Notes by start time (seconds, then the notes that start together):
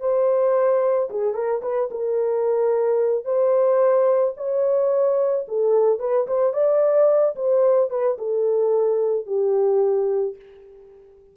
0.00 C5
1.10 G#4
1.34 A#4
1.62 B4
1.91 A#4
3.25 C5
4.37 C#5
5.48 A4
6.00 B4
6.27 C5
6.53 D5
7.36 C5
7.90 B4
8.18 A4
9.27 G4